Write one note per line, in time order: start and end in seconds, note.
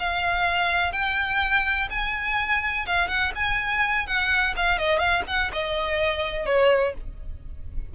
0.00 0.93 F5
0.93 1.89 G5
1.91 2.87 G#5
2.87 3.08 F5
3.08 3.32 F#5
3.36 4.07 G#5
4.07 4.55 F#5
4.57 4.79 F5
4.79 4.99 D#5
4.99 5.23 F5
5.28 5.52 F#5
5.54 6.46 D#5
6.46 6.94 C#5